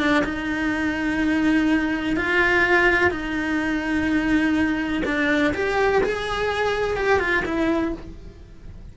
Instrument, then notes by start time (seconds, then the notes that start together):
cello
0.00 D4
0.25 D#4
2.17 F4
3.11 D#4
5.06 D4
5.55 G4
6.04 G#4
6.97 G4
7.20 F4
7.46 E4